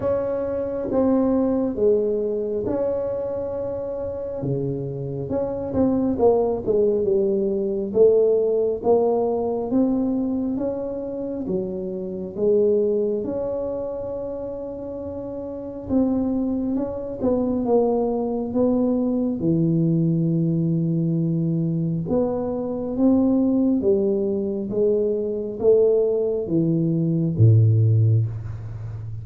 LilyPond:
\new Staff \with { instrumentName = "tuba" } { \time 4/4 \tempo 4 = 68 cis'4 c'4 gis4 cis'4~ | cis'4 cis4 cis'8 c'8 ais8 gis8 | g4 a4 ais4 c'4 | cis'4 fis4 gis4 cis'4~ |
cis'2 c'4 cis'8 b8 | ais4 b4 e2~ | e4 b4 c'4 g4 | gis4 a4 e4 a,4 | }